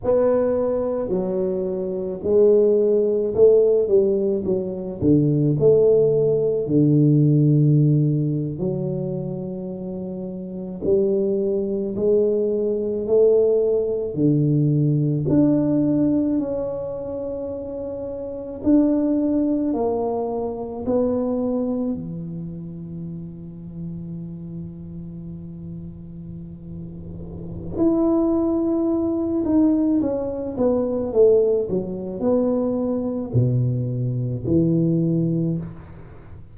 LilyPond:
\new Staff \with { instrumentName = "tuba" } { \time 4/4 \tempo 4 = 54 b4 fis4 gis4 a8 g8 | fis8 d8 a4 d4.~ d16 fis16~ | fis4.~ fis16 g4 gis4 a16~ | a8. d4 d'4 cis'4~ cis'16~ |
cis'8. d'4 ais4 b4 e16~ | e1~ | e4 e'4. dis'8 cis'8 b8 | a8 fis8 b4 b,4 e4 | }